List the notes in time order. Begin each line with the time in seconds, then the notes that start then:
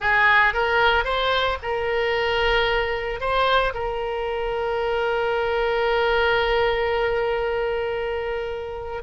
0.00 G#4
0.53 A#4
1.04 C5
1.62 A#4
3.20 C5
3.73 A#4